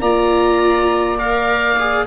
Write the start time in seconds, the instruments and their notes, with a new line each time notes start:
0.00 tuba A#3, viola F4, saxophone D5, oboe A#5
1.18 viola A#4, oboe F5
1.79 viola G#4